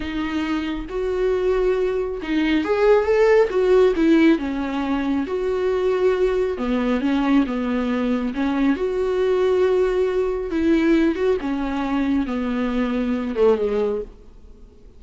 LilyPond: \new Staff \with { instrumentName = "viola" } { \time 4/4 \tempo 4 = 137 dis'2 fis'2~ | fis'4 dis'4 gis'4 a'4 | fis'4 e'4 cis'2 | fis'2. b4 |
cis'4 b2 cis'4 | fis'1 | e'4. fis'8 cis'2 | b2~ b8 a8 gis4 | }